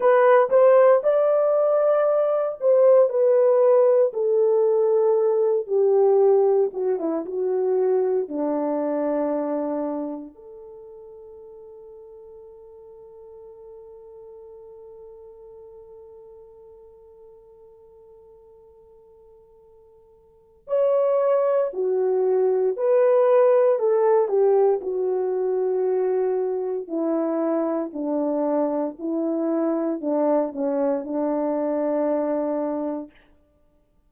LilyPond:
\new Staff \with { instrumentName = "horn" } { \time 4/4 \tempo 4 = 58 b'8 c''8 d''4. c''8 b'4 | a'4. g'4 fis'16 e'16 fis'4 | d'2 a'2~ | a'1~ |
a'1 | cis''4 fis'4 b'4 a'8 g'8 | fis'2 e'4 d'4 | e'4 d'8 cis'8 d'2 | }